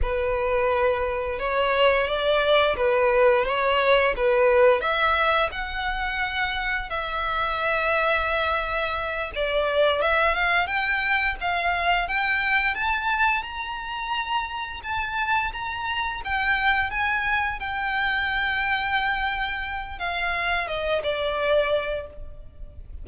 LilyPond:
\new Staff \with { instrumentName = "violin" } { \time 4/4 \tempo 4 = 87 b'2 cis''4 d''4 | b'4 cis''4 b'4 e''4 | fis''2 e''2~ | e''4. d''4 e''8 f''8 g''8~ |
g''8 f''4 g''4 a''4 ais''8~ | ais''4. a''4 ais''4 g''8~ | g''8 gis''4 g''2~ g''8~ | g''4 f''4 dis''8 d''4. | }